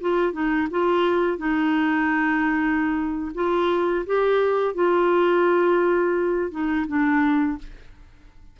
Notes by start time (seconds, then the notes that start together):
0.00 F4
0.32 D#4
0.70 F4
1.37 D#4
3.34 F4
4.06 G4
4.74 F4
6.51 D#4
6.87 D4